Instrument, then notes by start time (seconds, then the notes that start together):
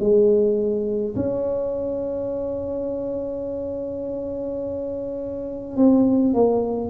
tuba
0.00 G#3
1.15 C#4
5.77 C4
6.34 A#3